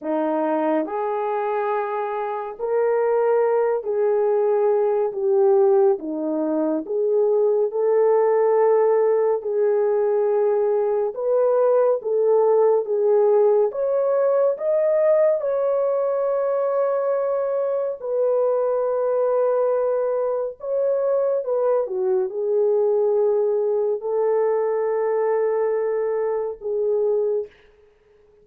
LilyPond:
\new Staff \with { instrumentName = "horn" } { \time 4/4 \tempo 4 = 70 dis'4 gis'2 ais'4~ | ais'8 gis'4. g'4 dis'4 | gis'4 a'2 gis'4~ | gis'4 b'4 a'4 gis'4 |
cis''4 dis''4 cis''2~ | cis''4 b'2. | cis''4 b'8 fis'8 gis'2 | a'2. gis'4 | }